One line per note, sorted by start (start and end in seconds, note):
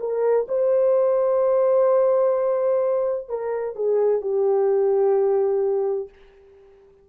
0.00 0.47 A#4
0.48 3.29 C5
3.29 3.75 A#4
3.75 4.21 G#4
4.21 6.09 G4